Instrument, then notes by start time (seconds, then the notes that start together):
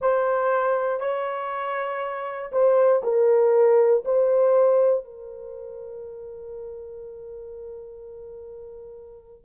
horn
0.01 C5
1.00 C#5
2.51 C5
3.03 A#4
4.04 C5
5.04 A#4